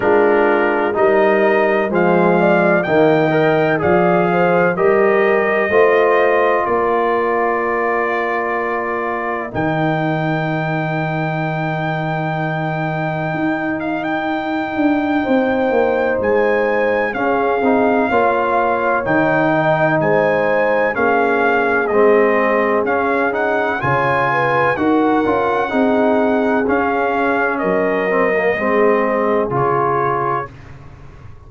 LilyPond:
<<
  \new Staff \with { instrumentName = "trumpet" } { \time 4/4 \tempo 4 = 63 ais'4 dis''4 f''4 g''4 | f''4 dis''2 d''4~ | d''2 g''2~ | g''2~ g''8 f''16 g''4~ g''16~ |
g''4 gis''4 f''2 | g''4 gis''4 f''4 dis''4 | f''8 fis''8 gis''4 fis''2 | f''4 dis''2 cis''4 | }
  \new Staff \with { instrumentName = "horn" } { \time 4/4 f'4 ais'4 c''8 d''8 dis''4 | d''8 c''8 ais'4 c''4 ais'4~ | ais'1~ | ais'1 |
c''2 gis'4 cis''4~ | cis''8 dis''8 c''4 gis'2~ | gis'4 cis''8 b'8 ais'4 gis'4~ | gis'4 ais'4 gis'2 | }
  \new Staff \with { instrumentName = "trombone" } { \time 4/4 d'4 dis'4 gis4 ais8 ais'8 | gis'4 g'4 f'2~ | f'2 dis'2~ | dis'1~ |
dis'2 cis'8 dis'8 f'4 | dis'2 cis'4 c'4 | cis'8 dis'8 f'4 fis'8 f'8 dis'4 | cis'4. c'16 ais16 c'4 f'4 | }
  \new Staff \with { instrumentName = "tuba" } { \time 4/4 gis4 g4 f4 dis4 | f4 g4 a4 ais4~ | ais2 dis2~ | dis2 dis'4. d'8 |
c'8 ais8 gis4 cis'8 c'8 ais4 | dis4 gis4 ais4 gis4 | cis'4 cis4 dis'8 cis'8 c'4 | cis'4 fis4 gis4 cis4 | }
>>